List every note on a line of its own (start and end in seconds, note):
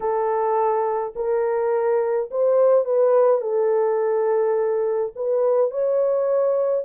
0.00 1.14 A4
1.15 2.30 A#4
2.30 2.84 C5
2.84 3.41 B4
3.41 5.12 A4
5.15 5.70 B4
5.70 6.84 C#5